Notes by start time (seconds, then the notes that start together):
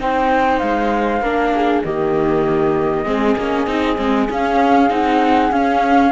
0.00 C4 D#4 C5 G5
0.59 G#3 F5
1.22 A#3 D4 A#4
1.55 G#4
1.85 D#3 A#3 G4 D#5
3.05 G#3 C4 G#4
3.39 A#3 C#4
3.67 C4 D#4
3.96 G#3 C4
4.30 C#4 F5
4.90 C4 D#4 F#5
5.52 C#4 F5